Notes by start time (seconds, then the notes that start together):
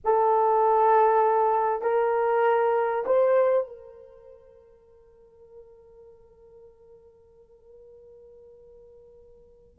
0.04 A4
1.81 A#4
3.06 C5
3.67 A#4